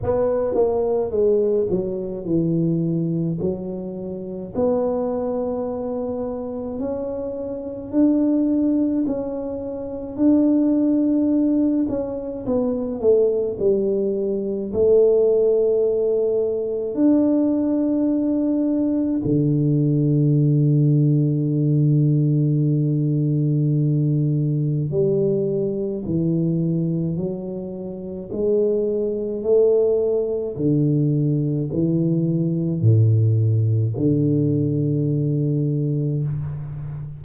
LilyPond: \new Staff \with { instrumentName = "tuba" } { \time 4/4 \tempo 4 = 53 b8 ais8 gis8 fis8 e4 fis4 | b2 cis'4 d'4 | cis'4 d'4. cis'8 b8 a8 | g4 a2 d'4~ |
d'4 d2.~ | d2 g4 e4 | fis4 gis4 a4 d4 | e4 a,4 d2 | }